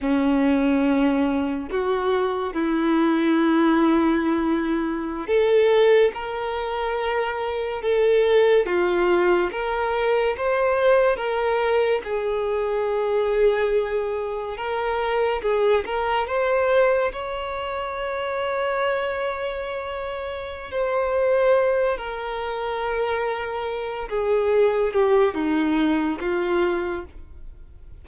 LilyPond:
\new Staff \with { instrumentName = "violin" } { \time 4/4 \tempo 4 = 71 cis'2 fis'4 e'4~ | e'2~ e'16 a'4 ais'8.~ | ais'4~ ais'16 a'4 f'4 ais'8.~ | ais'16 c''4 ais'4 gis'4.~ gis'16~ |
gis'4~ gis'16 ais'4 gis'8 ais'8 c''8.~ | c''16 cis''2.~ cis''8.~ | cis''8 c''4. ais'2~ | ais'8 gis'4 g'8 dis'4 f'4 | }